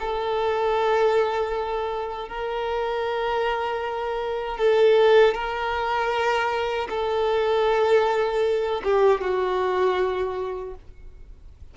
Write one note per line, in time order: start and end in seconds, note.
0.00 2.29 A4
2.29 4.58 A#4
4.58 5.34 A4
5.34 6.88 A#4
6.90 8.82 A4
8.84 9.21 G4
9.21 10.75 F#4